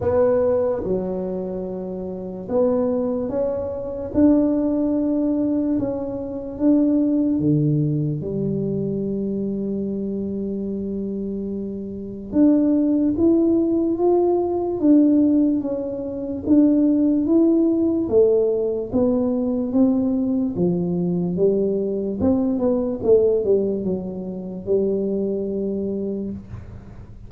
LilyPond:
\new Staff \with { instrumentName = "tuba" } { \time 4/4 \tempo 4 = 73 b4 fis2 b4 | cis'4 d'2 cis'4 | d'4 d4 g2~ | g2. d'4 |
e'4 f'4 d'4 cis'4 | d'4 e'4 a4 b4 | c'4 f4 g4 c'8 b8 | a8 g8 fis4 g2 | }